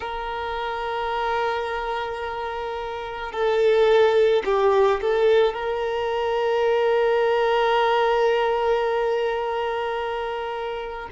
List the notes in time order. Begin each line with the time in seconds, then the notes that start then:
0.00 A#4
3.31 A4
4.44 G4
5.01 A4
5.53 A#4